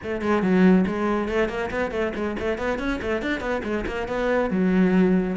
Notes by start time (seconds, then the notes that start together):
0.03 A3
0.21 G#3
0.42 F#3
0.86 G#3
1.28 A3
1.48 A#3
1.70 B3
1.91 A3
2.15 G#3
2.39 A3
2.58 B3
2.78 C#4
3.01 A3
3.21 D4
3.40 B3
3.63 G#3
3.86 A#3
4.08 B3
4.50 F#3